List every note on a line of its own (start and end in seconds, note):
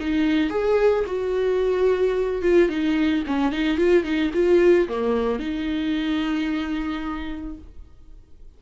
0.00 0.50 D#4
0.50 1.05 G#4
1.07 2.42 F#4
2.42 2.69 F4
2.69 3.24 D#4
3.27 3.52 C#4
3.52 3.78 D#4
3.78 4.04 F4
4.04 4.31 D#4
4.34 4.88 F4
4.88 5.39 A#3
5.39 7.57 D#4